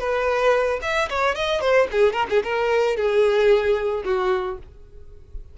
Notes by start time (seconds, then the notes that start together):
0.00 B4
0.82 E5
1.10 C#5
1.36 D#5
1.61 C5
1.92 G#4
2.13 A#4
2.30 G#4
2.44 A#4
2.97 G#4
4.05 F#4